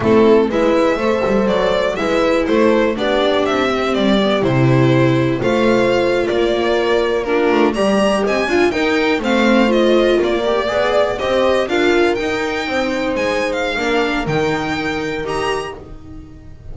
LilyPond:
<<
  \new Staff \with { instrumentName = "violin" } { \time 4/4 \tempo 4 = 122 a'4 e''2 d''4 | e''4 c''4 d''4 e''4 | d''4 c''2 f''4~ | f''8. d''2 ais'4 ais''16~ |
ais''8. gis''4 g''4 f''4 dis''16~ | dis''8. d''2 dis''4 f''16~ | f''8. g''2 gis''8. f''8~ | f''4 g''2 ais''4 | }
  \new Staff \with { instrumentName = "horn" } { \time 4/4 e'4 b'4 c''2 | b'4 a'4 g'2~ | g'2. c''4~ | c''8. ais'2 f'4 d''16~ |
d''8. dis''8 f''8 ais'4 c''4~ c''16~ | c''8. ais'4 d''4 c''4 ais'16~ | ais'4.~ ais'16 c''2~ c''16 | ais'1 | }
  \new Staff \with { instrumentName = "viola" } { \time 4/4 c'4 e'4 a'2 | e'2 d'4. c'8~ | c'8 b8 e'2 f'4~ | f'2~ f'8. d'4 g'16~ |
g'4~ g'16 f'8 dis'4 c'4 f'16~ | f'4~ f'16 g'8 gis'4 g'4 f'16~ | f'8. dis'2.~ dis'16 | d'4 dis'2 g'4 | }
  \new Staff \with { instrumentName = "double bass" } { \time 4/4 a4 gis4 a8 g8 fis4 | gis4 a4 b4 c'4 | g4 c2 a4~ | a8. ais2~ ais8 a8 g16~ |
g8. c'8 d'8 dis'4 a4~ a16~ | a8. ais4 b4 c'4 d'16~ | d'8. dis'4 c'4 gis4~ gis16 | ais4 dis2 dis'4 | }
>>